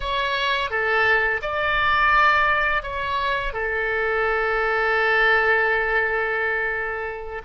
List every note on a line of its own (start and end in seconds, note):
0.00 0.70 C#5
0.70 1.41 A4
1.41 2.82 D5
2.82 3.53 C#5
3.53 7.41 A4